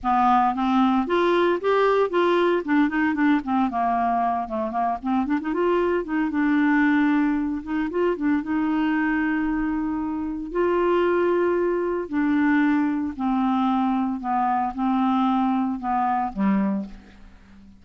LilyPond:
\new Staff \with { instrumentName = "clarinet" } { \time 4/4 \tempo 4 = 114 b4 c'4 f'4 g'4 | f'4 d'8 dis'8 d'8 c'8 ais4~ | ais8 a8 ais8 c'8 d'16 dis'16 f'4 dis'8 | d'2~ d'8 dis'8 f'8 d'8 |
dis'1 | f'2. d'4~ | d'4 c'2 b4 | c'2 b4 g4 | }